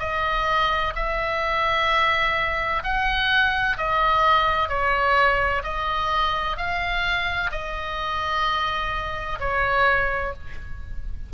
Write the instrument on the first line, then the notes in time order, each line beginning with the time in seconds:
oboe
0.00 D#5
0.96 E5
2.84 F#5
3.78 D#5
4.69 C#5
5.64 D#5
6.57 F5
7.52 D#5
9.40 C#5